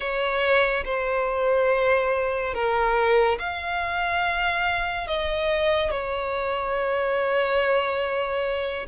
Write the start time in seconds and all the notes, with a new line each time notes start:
0.00 C#5
0.85 C5
2.54 A#4
3.39 F5
5.07 D#5
5.90 C#5